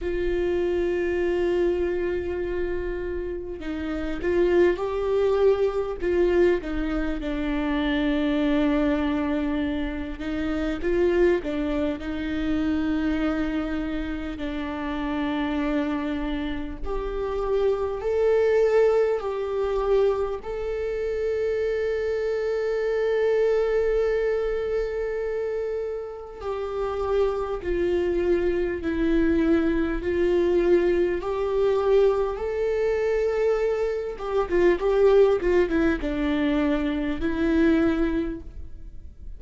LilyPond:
\new Staff \with { instrumentName = "viola" } { \time 4/4 \tempo 4 = 50 f'2. dis'8 f'8 | g'4 f'8 dis'8 d'2~ | d'8 dis'8 f'8 d'8 dis'2 | d'2 g'4 a'4 |
g'4 a'2.~ | a'2 g'4 f'4 | e'4 f'4 g'4 a'4~ | a'8 g'16 f'16 g'8 f'16 e'16 d'4 e'4 | }